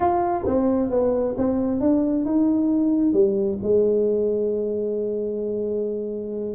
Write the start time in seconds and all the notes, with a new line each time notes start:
0.00 F4
0.46 C4
0.90 B3
1.37 C4
1.80 D4
2.25 D#4
3.13 G3
3.62 G#3